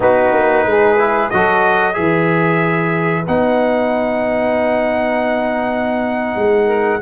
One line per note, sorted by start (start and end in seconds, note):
0.00 0.32 B3
0.00 0.97 D#4
0.00 0.65 F#4
0.00 1.30 B4
0.32 0.65 A#3
0.65 1.30 G#3
0.65 1.32 G#4
0.97 1.30 E4
1.30 1.97 F#3
1.30 1.93 F#4
1.30 1.94 A4
1.30 1.94 D#5
1.93 3.27 E3
1.93 3.24 G#4
1.93 6.66 B4
1.93 3.24 E5
3.27 6.35 B3
3.27 7.01 D#4
3.27 7.01 F#5
6.35 7.00 G#3
6.66 6.99 A#4